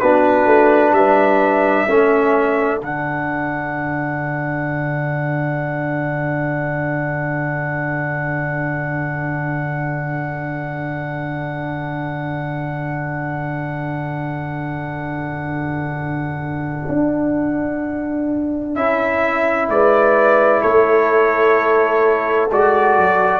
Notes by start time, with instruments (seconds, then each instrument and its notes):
0.00 tuba B3, trombone D4, horn F#4, trumpet B4
0.46 tuba A3
0.92 tuba G3, horn B4, trumpet E5
1.88 tuba A3, trombone C#4, horn A4
2.81 tuba D3, trombone D4, trumpet F#5
16.89 tuba D4
18.75 tuba C#4, trombone E4, trumpet E5
19.69 tuba G#3, horn B4, trumpet D5
20.62 tuba A3, horn A4, trumpet C#5
22.51 tuba G#3, trombone F#4, trumpet D5
22.97 tuba F#3